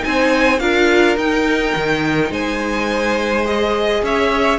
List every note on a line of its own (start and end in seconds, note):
0.00 0.61 C4
0.00 0.57 D#4
0.00 0.60 G#5
0.07 0.61 C5
0.60 1.17 D4
0.60 1.18 F4
0.60 2.31 A#4
0.60 1.17 F5
1.17 1.74 D#4
1.17 3.45 D#4
1.17 2.33 G5
1.76 2.31 D#3
2.31 4.02 G#3
2.31 4.02 C5
2.31 3.47 G#5
3.45 4.59 G#4
3.45 4.04 D#5
4.03 4.59 C#4
4.03 4.59 C#5
4.03 4.59 E5